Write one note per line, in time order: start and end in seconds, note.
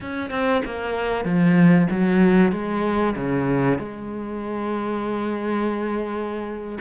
0.00 0.30 C#4
0.30 0.62 C4
0.65 1.24 A#3
1.24 1.87 F3
1.90 2.51 F#3
2.51 3.15 G#3
3.16 3.78 C#3
3.78 6.78 G#3